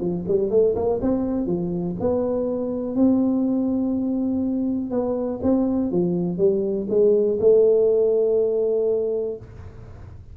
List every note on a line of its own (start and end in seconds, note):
0.00 0.25 F3
0.27 0.50 G3
0.50 0.74 A3
0.75 0.99 A#3
1.01 1.46 C4
1.46 1.96 F3
2.00 2.95 B3
2.95 4.90 C4
4.90 5.39 B3
5.43 5.91 C4
5.91 6.38 F3
6.38 6.87 G3
6.89 7.38 G#3
7.40 9.36 A3